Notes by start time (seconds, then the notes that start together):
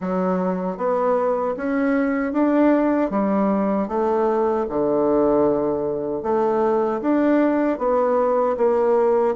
0.00 F#3
0.77 B3
1.57 C#4
2.32 D4
3.10 G3
3.87 A3
4.69 D3
6.23 A3
7.01 D4
7.78 B3
8.57 A#3